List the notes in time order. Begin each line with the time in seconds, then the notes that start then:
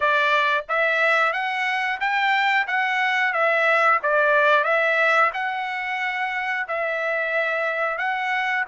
0.00 D5
0.68 E5
1.32 F#5
2.00 G5
2.67 F#5
3.33 E5
4.02 D5
4.64 E5
5.33 F#5
6.68 E5
7.98 F#5